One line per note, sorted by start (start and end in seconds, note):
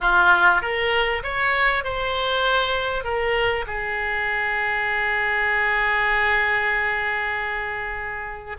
0.00 0.61 F4
0.61 1.22 A#4
1.23 1.84 C#5
1.84 3.04 C5
3.04 3.65 A#4
3.67 8.56 G#4